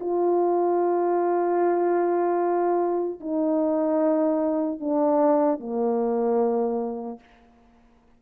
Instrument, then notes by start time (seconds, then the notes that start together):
horn
0.00 F4
3.20 D#4
4.80 D4
5.59 A#3